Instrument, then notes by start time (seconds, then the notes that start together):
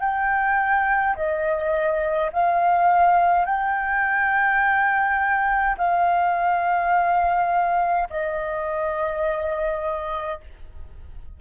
flute
0.00 G5
1.15 D#5
2.32 F5
3.45 G5
5.78 F5
8.10 D#5